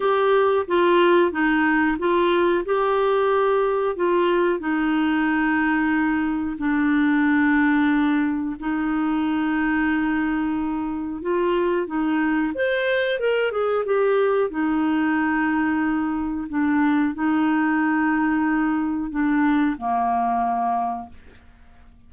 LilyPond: \new Staff \with { instrumentName = "clarinet" } { \time 4/4 \tempo 4 = 91 g'4 f'4 dis'4 f'4 | g'2 f'4 dis'4~ | dis'2 d'2~ | d'4 dis'2.~ |
dis'4 f'4 dis'4 c''4 | ais'8 gis'8 g'4 dis'2~ | dis'4 d'4 dis'2~ | dis'4 d'4 ais2 | }